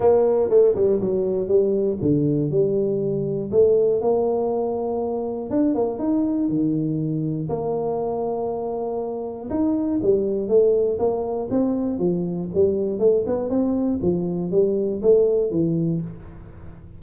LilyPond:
\new Staff \with { instrumentName = "tuba" } { \time 4/4 \tempo 4 = 120 ais4 a8 g8 fis4 g4 | d4 g2 a4 | ais2. d'8 ais8 | dis'4 dis2 ais4~ |
ais2. dis'4 | g4 a4 ais4 c'4 | f4 g4 a8 b8 c'4 | f4 g4 a4 e4 | }